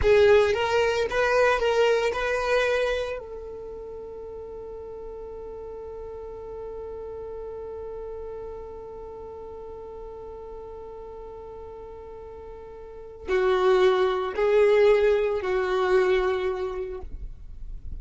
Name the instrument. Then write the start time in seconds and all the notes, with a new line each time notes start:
violin
0.01 G#4
0.53 A#4
1.10 B4
1.59 A#4
2.12 B4
3.19 A4
13.28 F#4
14.35 G#4
15.41 F#4